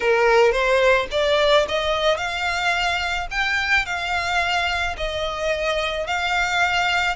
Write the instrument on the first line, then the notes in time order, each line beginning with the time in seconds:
violin
0.00 A#4
0.52 C5
1.11 D5
1.68 D#5
2.17 F5
3.31 G5
3.85 F5
4.97 D#5
6.06 F5